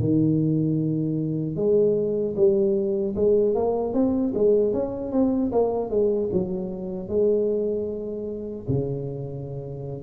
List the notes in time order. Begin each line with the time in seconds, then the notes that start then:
0.00 D#3
1.56 G#3
2.36 G3
3.15 G#3
3.55 A#3
3.94 C4
4.35 G#3
4.73 C#4
5.12 C4
5.52 A#3
5.90 G#3
6.33 F#3
7.08 G#3
8.68 C#3